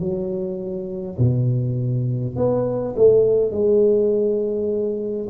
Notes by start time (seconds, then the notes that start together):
0.00 F#3
1.19 B2
2.36 B3
2.96 A3
3.51 G#3